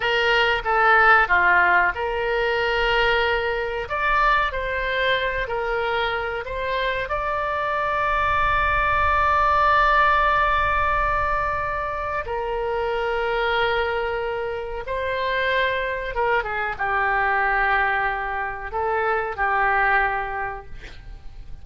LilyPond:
\new Staff \with { instrumentName = "oboe" } { \time 4/4 \tempo 4 = 93 ais'4 a'4 f'4 ais'4~ | ais'2 d''4 c''4~ | c''8 ais'4. c''4 d''4~ | d''1~ |
d''2. ais'4~ | ais'2. c''4~ | c''4 ais'8 gis'8 g'2~ | g'4 a'4 g'2 | }